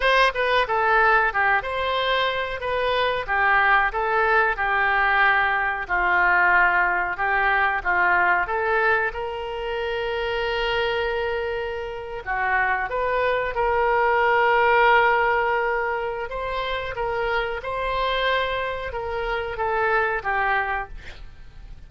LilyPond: \new Staff \with { instrumentName = "oboe" } { \time 4/4 \tempo 4 = 92 c''8 b'8 a'4 g'8 c''4. | b'4 g'4 a'4 g'4~ | g'4 f'2 g'4 | f'4 a'4 ais'2~ |
ais'2~ ais'8. fis'4 b'16~ | b'8. ais'2.~ ais'16~ | ais'4 c''4 ais'4 c''4~ | c''4 ais'4 a'4 g'4 | }